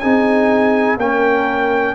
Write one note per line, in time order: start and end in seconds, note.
0.00 0.98 C4
0.00 0.99 D#4
0.00 0.98 G#4
0.00 0.97 G#5
0.98 1.95 A#3
0.98 1.95 C#4
0.98 1.95 A#4
0.98 1.95 G5